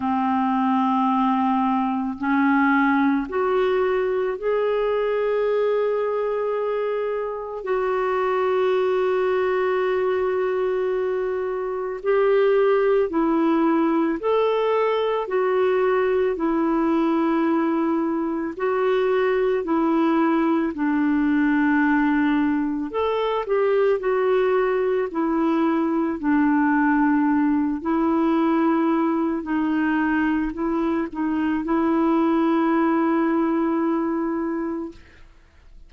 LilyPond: \new Staff \with { instrumentName = "clarinet" } { \time 4/4 \tempo 4 = 55 c'2 cis'4 fis'4 | gis'2. fis'4~ | fis'2. g'4 | e'4 a'4 fis'4 e'4~ |
e'4 fis'4 e'4 d'4~ | d'4 a'8 g'8 fis'4 e'4 | d'4. e'4. dis'4 | e'8 dis'8 e'2. | }